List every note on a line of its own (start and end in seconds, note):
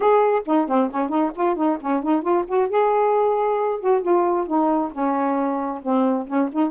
0.00 0.42 G#4
0.45 0.67 D#4
0.67 0.90 C4
0.90 1.09 C#4
1.09 1.31 D#4
1.35 1.55 F4
1.55 1.77 D#4
1.80 2.02 C#4
2.02 2.21 D#4
2.21 2.44 F4
2.47 2.69 F#4
2.69 3.80 G#4
3.80 4.02 F#4
4.02 4.46 F4
4.46 4.91 D#4
4.92 5.81 C#4
5.82 6.27 C4
6.27 6.49 C#4
6.52 6.70 D#4